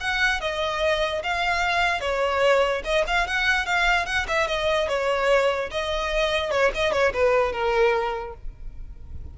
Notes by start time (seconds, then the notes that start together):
0.00 F#5
0.40 D#5
1.23 F5
2.01 C#5
2.84 D#5
3.07 F5
3.27 F#5
3.66 F5
4.06 F#5
4.28 E5
4.47 D#5
4.88 C#5
5.71 D#5
6.51 C#5
6.75 D#5
6.92 C#5
7.13 B4
7.52 A#4